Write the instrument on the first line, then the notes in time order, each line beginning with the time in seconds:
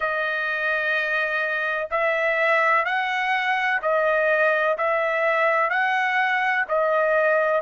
trumpet
0.00 D#5
1.90 E5
2.85 F#5
3.81 D#5
4.77 E5
5.69 F#5
6.68 D#5